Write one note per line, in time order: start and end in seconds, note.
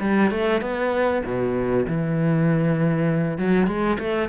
0.00 0.31 G3
0.31 0.61 A3
0.61 1.22 B3
1.25 1.86 B2
1.87 3.38 E3
3.38 3.67 F#3
3.67 3.97 G#3
3.99 4.29 A3